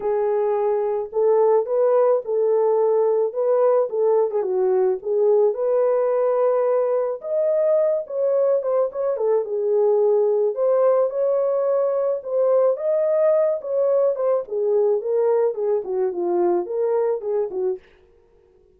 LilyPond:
\new Staff \with { instrumentName = "horn" } { \time 4/4 \tempo 4 = 108 gis'2 a'4 b'4 | a'2 b'4 a'8. gis'16 | fis'4 gis'4 b'2~ | b'4 dis''4. cis''4 c''8 |
cis''8 a'8 gis'2 c''4 | cis''2 c''4 dis''4~ | dis''8 cis''4 c''8 gis'4 ais'4 | gis'8 fis'8 f'4 ais'4 gis'8 fis'8 | }